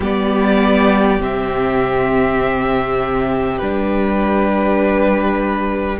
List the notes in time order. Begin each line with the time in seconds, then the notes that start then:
0.00 G3 B3 G4 D5
1.19 C3 C4 E5
3.58 G3 D4 B4